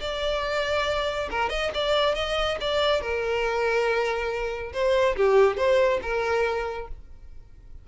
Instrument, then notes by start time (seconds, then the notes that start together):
violin
0.00 D5
1.30 A#4
1.49 D#5
1.74 D5
2.15 D#5
2.60 D5
3.01 A#4
4.73 C5
5.16 G4
5.57 C5
6.02 A#4